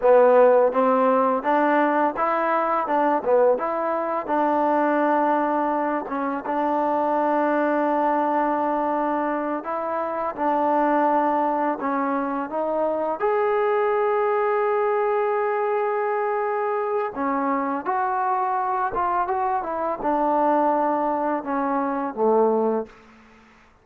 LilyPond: \new Staff \with { instrumentName = "trombone" } { \time 4/4 \tempo 4 = 84 b4 c'4 d'4 e'4 | d'8 b8 e'4 d'2~ | d'8 cis'8 d'2.~ | d'4. e'4 d'4.~ |
d'8 cis'4 dis'4 gis'4.~ | gis'1 | cis'4 fis'4. f'8 fis'8 e'8 | d'2 cis'4 a4 | }